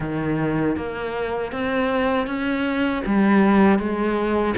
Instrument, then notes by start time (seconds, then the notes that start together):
cello
0.00 D#3
0.76 A#3
1.52 C4
2.26 C#4
3.06 G3
3.78 G#3